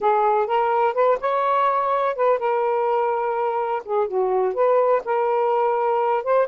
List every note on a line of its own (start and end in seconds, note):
0.00 0.46 G#4
0.46 0.94 A#4
0.94 1.18 B4
1.20 2.15 C#5
2.15 2.38 B4
2.38 3.82 A#4
3.84 4.07 G#4
4.07 4.54 F#4
4.54 5.02 B4
5.04 6.23 A#4
6.23 6.47 C5